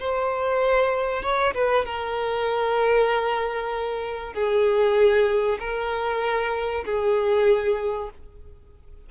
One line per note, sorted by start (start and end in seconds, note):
0.00 1.22 C5
1.22 1.54 C#5
1.54 1.86 B4
1.86 4.33 A#4
4.33 5.58 G#4
5.59 6.84 A#4
6.85 8.10 G#4